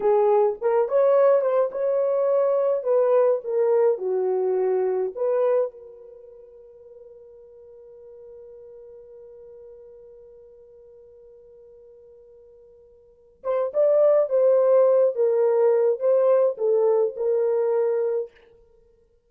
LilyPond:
\new Staff \with { instrumentName = "horn" } { \time 4/4 \tempo 4 = 105 gis'4 ais'8 cis''4 c''8 cis''4~ | cis''4 b'4 ais'4 fis'4~ | fis'4 b'4 ais'2~ | ais'1~ |
ais'1~ | ais'2.~ ais'8 c''8 | d''4 c''4. ais'4. | c''4 a'4 ais'2 | }